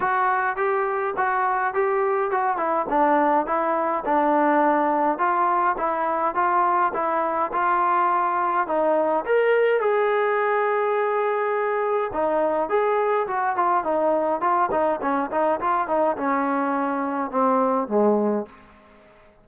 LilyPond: \new Staff \with { instrumentName = "trombone" } { \time 4/4 \tempo 4 = 104 fis'4 g'4 fis'4 g'4 | fis'8 e'8 d'4 e'4 d'4~ | d'4 f'4 e'4 f'4 | e'4 f'2 dis'4 |
ais'4 gis'2.~ | gis'4 dis'4 gis'4 fis'8 f'8 | dis'4 f'8 dis'8 cis'8 dis'8 f'8 dis'8 | cis'2 c'4 gis4 | }